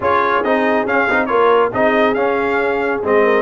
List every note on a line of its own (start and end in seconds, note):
0.00 0.42 C#4
0.00 0.44 F4
0.00 1.28 G#4
0.00 0.43 C#5
0.43 0.85 C4
0.43 0.87 D#4
0.43 0.87 D#5
0.85 1.07 C#4
0.85 1.08 C#4
0.85 1.26 F5
1.09 1.30 C4
1.09 1.28 D#4
1.26 1.73 A#3
1.26 1.71 F4
1.26 1.73 A#4
1.26 1.69 C#5
1.72 2.15 C4
1.72 2.15 D#4
1.72 3.23 G#4
1.72 2.14 D#5
2.14 3.01 C#4
2.14 3.02 C#4
2.14 3.00 F5
3.03 3.42 G#3
3.03 3.42 C4
3.03 3.42 D#5
3.23 3.42 A#4